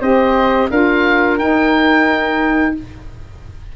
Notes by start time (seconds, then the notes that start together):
0.00 C4 G4 C5 D#5
0.70 D4 F4 A#4 F5
1.38 D#4 G5